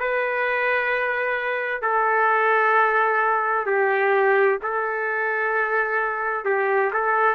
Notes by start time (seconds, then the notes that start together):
0.00 B4
1.82 A4
3.66 G4
4.63 A4
6.45 G4
6.93 A4